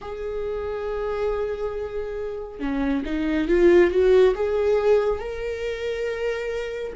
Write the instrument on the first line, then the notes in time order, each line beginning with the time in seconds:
viola
0.01 G#4
2.59 C#4
3.05 D#4
3.47 F4
3.91 F#4
4.34 G#4
5.19 A#4